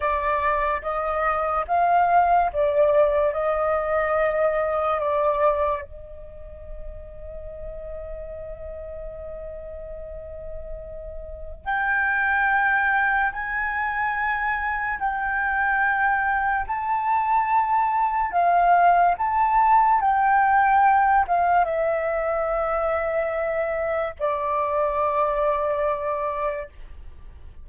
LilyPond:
\new Staff \with { instrumentName = "flute" } { \time 4/4 \tempo 4 = 72 d''4 dis''4 f''4 d''4 | dis''2 d''4 dis''4~ | dis''1~ | dis''2 g''2 |
gis''2 g''2 | a''2 f''4 a''4 | g''4. f''8 e''2~ | e''4 d''2. | }